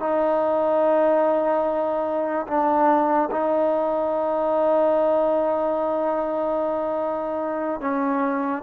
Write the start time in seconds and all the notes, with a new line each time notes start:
0.00 D#4
2.47 D4
3.31 D#4
7.81 C#4